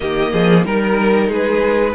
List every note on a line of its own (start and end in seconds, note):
0.00 0.32 D#3
0.00 0.65 A#3
0.00 0.32 G4
0.00 0.63 D#5
0.32 0.64 F3
0.32 0.65 G#4
0.64 1.29 G3
0.64 1.95 D#4
0.64 1.27 A#4
0.64 1.32 A#4
1.27 1.94 G#3
1.27 1.92 G#4
1.27 1.95 B4